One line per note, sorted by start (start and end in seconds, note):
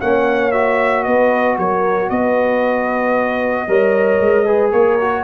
0.00 1.06 A#3
0.00 0.52 C#4
0.00 1.04 C#5
0.00 0.51 F#5
0.51 3.68 F#4
0.51 1.03 E5
1.03 1.58 B3
1.03 1.57 B4
1.03 1.56 D#5
1.58 2.10 F#3
1.58 2.11 A#4
1.58 2.09 C#5
2.09 3.67 B3
2.09 3.68 B4
2.09 4.72 D#5
3.67 4.20 G3
3.67 4.45 A#4
3.67 4.45 C#5
4.20 4.72 G#3
4.45 4.98 G#4
4.45 4.71 B4
4.71 5.24 A#3
4.71 5.24 A#4
4.71 5.24 C#5
5.00 5.24 F#4